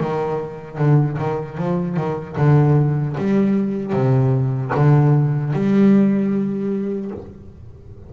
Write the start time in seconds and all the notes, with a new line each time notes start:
0.00 D#3
0.78 D3
1.18 D#3
1.57 F3
1.97 D#3
2.37 D3
3.18 G3
3.93 C3
4.74 D3
5.53 G3